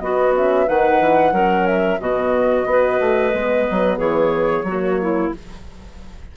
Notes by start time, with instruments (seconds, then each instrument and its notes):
0.00 horn B3, bassoon B3, clarinet F#4, flute D#5
0.36 horn C#4, flute E5
0.66 bassoon D#3, horn D#4, clarinet B4, flute F#5
1.01 bassoon E3
1.32 bassoon F#3, horn C#4, clarinet A#4
1.67 flute E5
2.00 bassoon B2, horn B3, clarinet F#4, flute D#5
2.66 bassoon B3, horn F#4, clarinet B4
3.00 bassoon A3
3.33 bassoon G#3, horn B3
3.71 bassoon F#3
3.98 bassoon E3, clarinet G#4, flute C#5
4.63 bassoon F#3, clarinet F#4
4.70 horn A#3
5.01 clarinet E4